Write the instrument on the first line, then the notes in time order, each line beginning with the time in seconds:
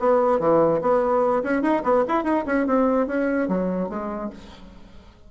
bassoon
0.00 B3
0.40 E3
0.82 B3
1.44 C#4
1.63 D#4
1.84 B3
2.08 E4
2.24 D#4
2.47 C#4
2.67 C4
3.08 C#4
3.49 F#3
3.90 G#3